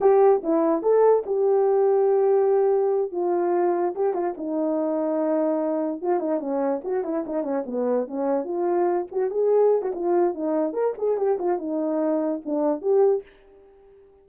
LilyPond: \new Staff \with { instrumentName = "horn" } { \time 4/4 \tempo 4 = 145 g'4 e'4 a'4 g'4~ | g'2.~ g'8 f'8~ | f'4. g'8 f'8 dis'4.~ | dis'2~ dis'8 f'8 dis'8 cis'8~ |
cis'8 fis'8 e'8 dis'8 cis'8 b4 cis'8~ | cis'8 f'4. fis'8 gis'4~ gis'16 fis'16 | f'4 dis'4 ais'8 gis'8 g'8 f'8 | dis'2 d'4 g'4 | }